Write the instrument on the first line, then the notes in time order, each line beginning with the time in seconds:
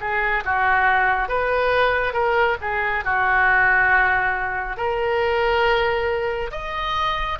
oboe
0.00 G#4
0.45 F#4
1.28 B4
2.13 A#4
2.61 G#4
3.04 F#4
4.77 A#4
6.51 D#5